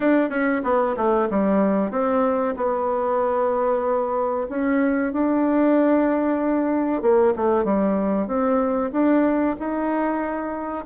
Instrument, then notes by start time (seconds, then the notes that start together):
bassoon
0.00 D4
0.29 C#4
0.63 B3
0.96 A3
1.29 G3
1.90 C4
2.56 B3
4.49 C#4
5.12 D4
7.02 A#3
7.36 A3
7.64 G3
8.27 C4
8.92 D4
9.59 D#4